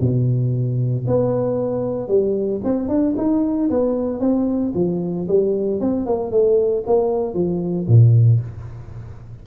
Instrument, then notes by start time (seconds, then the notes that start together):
tuba
0.00 B2
1.07 B3
2.08 G3
2.64 C4
2.88 D4
3.17 D#4
3.70 B3
4.20 C4
4.74 F3
5.28 G3
5.80 C4
6.06 A#3
6.31 A3
6.86 A#3
7.34 F3
7.87 A#2